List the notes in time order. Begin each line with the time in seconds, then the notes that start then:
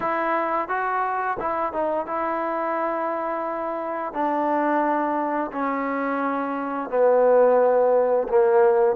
0.00 E4
0.68 F#4
1.39 E4
1.72 D#4
2.06 E4
4.13 D4
5.52 C#4
6.89 B3
8.28 A#3